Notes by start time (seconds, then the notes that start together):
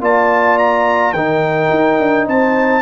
0.00 A#3 F4 D5 A5
0.58 A#5
1.12 D#3 D#4 A#4 G5
1.70 D#4
1.99 D4
2.26 C4 C5 A5